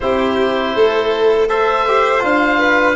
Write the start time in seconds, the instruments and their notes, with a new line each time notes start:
0.00 tuba C4, trombone E4, violin G4, oboe C5
0.75 tuba A3, violin A4
1.48 trombone A4, violin C5, oboe E5
1.88 trombone G4
2.20 tuba D4, trombone F4, oboe F5
2.58 violin B4